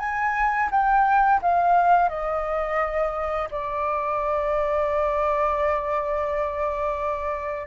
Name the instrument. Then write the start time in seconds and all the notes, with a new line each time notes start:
flute
0.00 G#5
0.71 G5
1.42 F5
2.09 D#5
3.51 D5